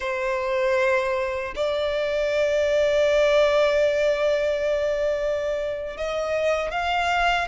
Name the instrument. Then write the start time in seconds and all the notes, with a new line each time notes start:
violin
0.00 C5
1.55 D5
5.97 D#5
6.71 F5